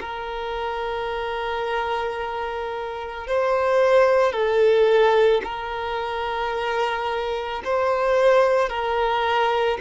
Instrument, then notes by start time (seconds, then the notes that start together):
violin
0.00 A#4
3.27 C5
4.32 A4
5.44 A#4
7.64 C5
8.69 A#4